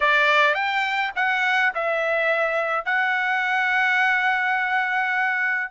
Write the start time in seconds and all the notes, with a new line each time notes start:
0.00 D5
0.54 G5
1.15 F#5
1.74 E5
2.85 F#5